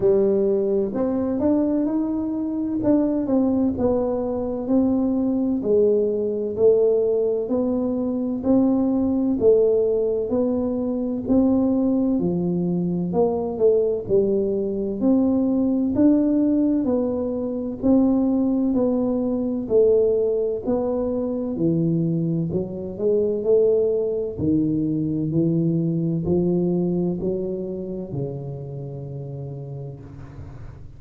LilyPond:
\new Staff \with { instrumentName = "tuba" } { \time 4/4 \tempo 4 = 64 g4 c'8 d'8 dis'4 d'8 c'8 | b4 c'4 gis4 a4 | b4 c'4 a4 b4 | c'4 f4 ais8 a8 g4 |
c'4 d'4 b4 c'4 | b4 a4 b4 e4 | fis8 gis8 a4 dis4 e4 | f4 fis4 cis2 | }